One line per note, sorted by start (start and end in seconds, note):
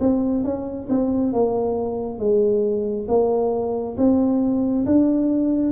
0.00 0.44 C4
0.44 0.88 C#4
0.89 1.32 C4
1.32 2.18 A#3
2.18 3.06 G#3
3.08 3.96 A#3
3.97 4.85 C4
4.85 5.72 D4